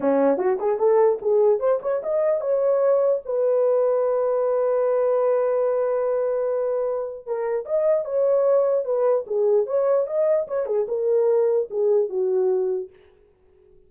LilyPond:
\new Staff \with { instrumentName = "horn" } { \time 4/4 \tempo 4 = 149 cis'4 fis'8 gis'8 a'4 gis'4 | c''8 cis''8 dis''4 cis''2 | b'1~ | b'1~ |
b'2 ais'4 dis''4 | cis''2 b'4 gis'4 | cis''4 dis''4 cis''8 gis'8 ais'4~ | ais'4 gis'4 fis'2 | }